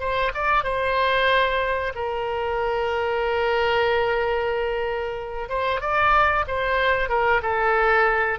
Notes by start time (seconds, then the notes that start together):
0.00 C5
0.35 D5
0.64 C5
1.95 A#4
5.50 C5
5.81 D5
6.48 C5
7.09 A#4
7.43 A4